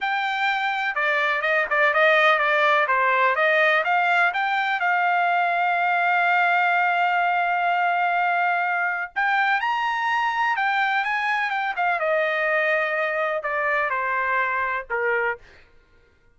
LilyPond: \new Staff \with { instrumentName = "trumpet" } { \time 4/4 \tempo 4 = 125 g''2 d''4 dis''8 d''8 | dis''4 d''4 c''4 dis''4 | f''4 g''4 f''2~ | f''1~ |
f''2. g''4 | ais''2 g''4 gis''4 | g''8 f''8 dis''2. | d''4 c''2 ais'4 | }